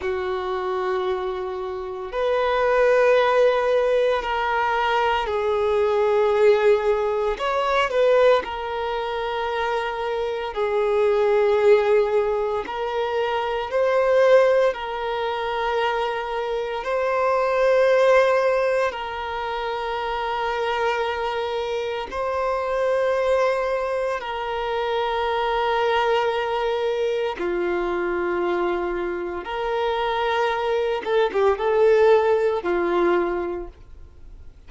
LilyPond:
\new Staff \with { instrumentName = "violin" } { \time 4/4 \tempo 4 = 57 fis'2 b'2 | ais'4 gis'2 cis''8 b'8 | ais'2 gis'2 | ais'4 c''4 ais'2 |
c''2 ais'2~ | ais'4 c''2 ais'4~ | ais'2 f'2 | ais'4. a'16 g'16 a'4 f'4 | }